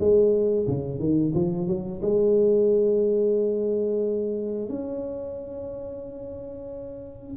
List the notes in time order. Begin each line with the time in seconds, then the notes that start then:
0.00 G#3
0.68 C#3
1.00 D#3
1.35 F3
1.68 F#3
2.02 G#3
4.69 C#4